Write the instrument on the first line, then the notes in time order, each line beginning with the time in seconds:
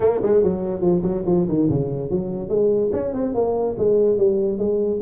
tuba
0.00 A#3
0.22 G#3
0.43 F#3
0.81 F3
1.02 F#3
1.26 F3
1.48 D#3
1.69 C#3
2.10 F#3
2.48 G#3
2.92 C#4
3.13 C4
3.34 A#3
3.77 G#3
4.17 G3
4.58 G#3